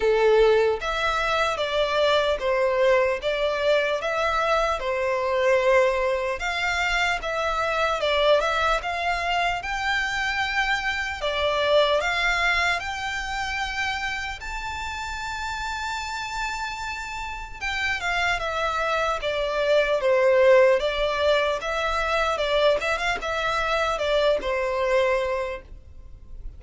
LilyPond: \new Staff \with { instrumentName = "violin" } { \time 4/4 \tempo 4 = 75 a'4 e''4 d''4 c''4 | d''4 e''4 c''2 | f''4 e''4 d''8 e''8 f''4 | g''2 d''4 f''4 |
g''2 a''2~ | a''2 g''8 f''8 e''4 | d''4 c''4 d''4 e''4 | d''8 e''16 f''16 e''4 d''8 c''4. | }